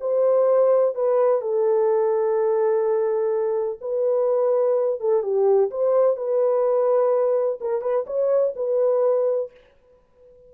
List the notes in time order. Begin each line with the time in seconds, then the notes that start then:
0.00 C5
0.95 B4
1.41 A4
3.81 B4
5.00 A4
5.23 G4
5.70 C5
6.16 B4
7.60 A#4
7.81 B4
8.06 C#5
8.56 B4